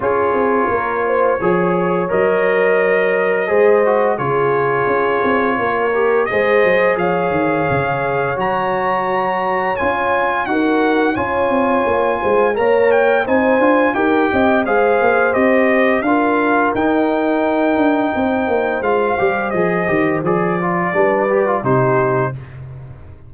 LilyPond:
<<
  \new Staff \with { instrumentName = "trumpet" } { \time 4/4 \tempo 4 = 86 cis''2. dis''4~ | dis''2 cis''2~ | cis''4 dis''4 f''2 | ais''2 gis''4 fis''4 |
gis''2 ais''8 g''8 gis''4 | g''4 f''4 dis''4 f''4 | g''2. f''4 | dis''4 d''2 c''4 | }
  \new Staff \with { instrumentName = "horn" } { \time 4/4 gis'4 ais'8 c''8 cis''2~ | cis''4 c''4 gis'2 | ais'4 c''4 cis''2~ | cis''2. ais'4 |
cis''4. c''8 cis''4 c''4 | ais'8 dis''8 c''2 ais'4~ | ais'2 c''2~ | c''2 b'4 g'4 | }
  \new Staff \with { instrumentName = "trombone" } { \time 4/4 f'2 gis'4 ais'4~ | ais'4 gis'8 fis'8 f'2~ | f'8 g'8 gis'2. | fis'2 f'4 fis'4 |
f'2 ais'4 dis'8 f'8 | g'4 gis'4 g'4 f'4 | dis'2. f'8 g'8 | gis'8 g'8 gis'8 f'8 d'8 g'16 f'16 dis'4 | }
  \new Staff \with { instrumentName = "tuba" } { \time 4/4 cis'8 c'8 ais4 f4 fis4~ | fis4 gis4 cis4 cis'8 c'8 | ais4 gis8 fis8 f8 dis8 cis4 | fis2 cis'4 dis'4 |
cis'8 c'8 ais8 gis8 ais4 c'8 d'8 | dis'8 c'8 gis8 ais8 c'4 d'4 | dis'4. d'8 c'8 ais8 gis8 g8 | f8 dis8 f4 g4 c4 | }
>>